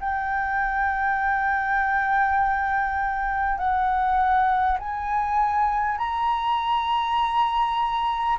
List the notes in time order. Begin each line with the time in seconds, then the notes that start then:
0.00 G5
3.58 F#5
4.79 G#5
5.98 A#5